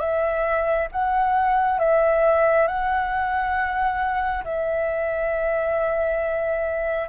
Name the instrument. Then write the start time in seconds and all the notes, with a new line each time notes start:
flute
0.00 E5
0.92 F#5
1.79 E5
2.68 F#5
4.44 E5